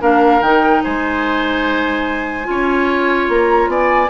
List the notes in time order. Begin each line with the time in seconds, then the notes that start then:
0.00 A#3 D4 A#4 F5
0.40 D#3 D#4 G5
0.83 G#3 C5 G#5
2.44 C#4 F4 C#5
3.28 A#3 A#5
3.67 B3 D5 G#5